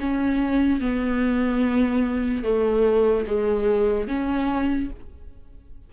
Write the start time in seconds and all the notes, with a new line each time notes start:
0.00 C#4
0.80 B3
2.44 A3
3.27 G#3
4.08 C#4